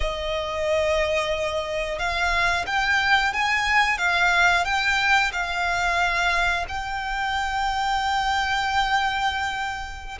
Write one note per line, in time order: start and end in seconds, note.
0.00 1.98 D#5
1.98 2.65 F5
2.66 3.33 G5
3.33 3.98 G#5
3.98 4.65 F5
4.65 5.31 G5
5.32 6.65 F5
6.68 10.18 G5